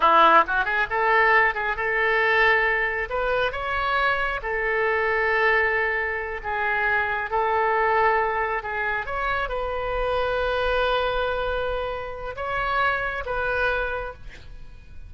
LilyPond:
\new Staff \with { instrumentName = "oboe" } { \time 4/4 \tempo 4 = 136 e'4 fis'8 gis'8 a'4. gis'8 | a'2. b'4 | cis''2 a'2~ | a'2~ a'8 gis'4.~ |
gis'8 a'2. gis'8~ | gis'8 cis''4 b'2~ b'8~ | b'1 | cis''2 b'2 | }